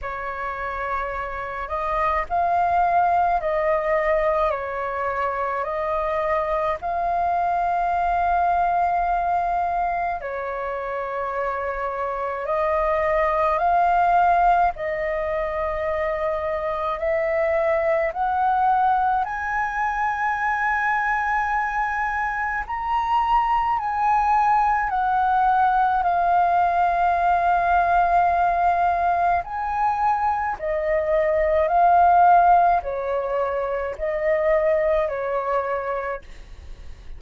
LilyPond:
\new Staff \with { instrumentName = "flute" } { \time 4/4 \tempo 4 = 53 cis''4. dis''8 f''4 dis''4 | cis''4 dis''4 f''2~ | f''4 cis''2 dis''4 | f''4 dis''2 e''4 |
fis''4 gis''2. | ais''4 gis''4 fis''4 f''4~ | f''2 gis''4 dis''4 | f''4 cis''4 dis''4 cis''4 | }